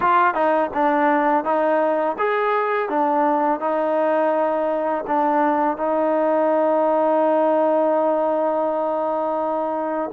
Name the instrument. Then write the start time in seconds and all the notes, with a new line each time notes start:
trombone
0.00 F4
0.34 D#4
0.73 D4
1.44 D#4
2.18 G#4
2.89 D4
3.59 D#4
5.07 D4
5.77 D#4